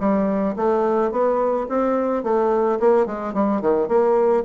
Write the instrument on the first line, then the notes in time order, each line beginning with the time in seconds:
bassoon
0.00 G3
0.57 A3
1.12 B3
1.69 C4
2.24 A3
2.80 A#3
3.07 G#3
3.34 G3
3.62 D#3
3.89 A#3